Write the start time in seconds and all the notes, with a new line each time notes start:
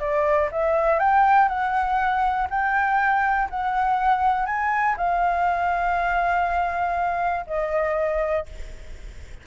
0.00 D5
0.52 E5
0.99 G5
1.49 F#5
2.50 G5
3.50 F#5
4.46 G#5
4.98 F5
7.47 D#5